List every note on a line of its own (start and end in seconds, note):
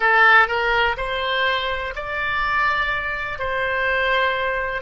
0.00 0.48 A4
0.48 0.96 A#4
0.97 1.94 C5
1.95 3.39 D5
3.39 4.81 C5